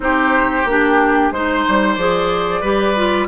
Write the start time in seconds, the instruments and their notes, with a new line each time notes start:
0.00 bassoon C4, clarinet D#4, oboe G4, flute C5
0.64 bassoon A#3, clarinet D4, flute G4
1.31 bassoon G#3, clarinet D#4, flute C5, oboe C5
1.68 bassoon G3
1.94 bassoon F3, clarinet G#4, flute D5
2.61 bassoon G3, clarinet G4, oboe B4
2.95 clarinet F4